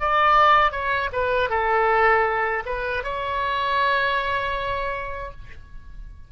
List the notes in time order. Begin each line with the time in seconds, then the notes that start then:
0.00 D5
0.71 C#5
1.12 B4
1.49 A4
2.65 B4
3.03 C#5